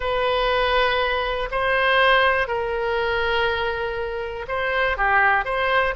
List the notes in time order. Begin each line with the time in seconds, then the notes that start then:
0.00 B4
1.51 C5
2.47 A#4
4.48 C5
4.97 G4
5.44 C5